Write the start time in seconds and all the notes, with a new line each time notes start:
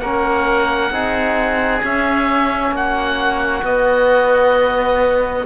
0.00 A#3 C#4 A#4 F#5
0.91 C4 D#4 G#4
1.83 C#4 E5
2.72 A#3 F#4 F#5
3.63 B3 D#5